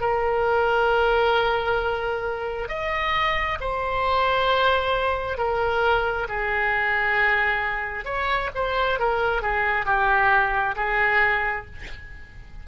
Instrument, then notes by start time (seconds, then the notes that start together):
oboe
0.00 A#4
2.68 D#5
3.60 C5
5.37 A#4
6.28 G#4
8.05 C#5
8.55 C5
8.99 A#4
9.42 G#4
9.85 G4
10.76 G#4